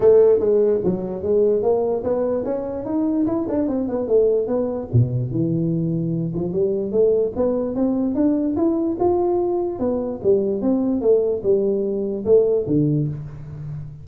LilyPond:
\new Staff \with { instrumentName = "tuba" } { \time 4/4 \tempo 4 = 147 a4 gis4 fis4 gis4 | ais4 b4 cis'4 dis'4 | e'8 d'8 c'8 b8 a4 b4 | b,4 e2~ e8 f8 |
g4 a4 b4 c'4 | d'4 e'4 f'2 | b4 g4 c'4 a4 | g2 a4 d4 | }